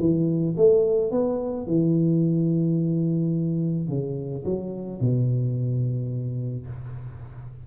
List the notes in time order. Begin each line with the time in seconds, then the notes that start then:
0.00 E3
0.57 A3
1.12 B3
1.67 E3
3.89 C#3
4.45 F#3
5.01 B2